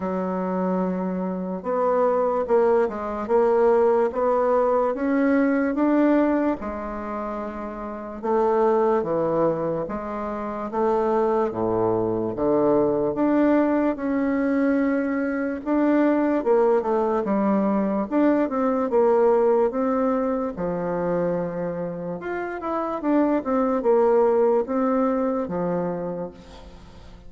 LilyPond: \new Staff \with { instrumentName = "bassoon" } { \time 4/4 \tempo 4 = 73 fis2 b4 ais8 gis8 | ais4 b4 cis'4 d'4 | gis2 a4 e4 | gis4 a4 a,4 d4 |
d'4 cis'2 d'4 | ais8 a8 g4 d'8 c'8 ais4 | c'4 f2 f'8 e'8 | d'8 c'8 ais4 c'4 f4 | }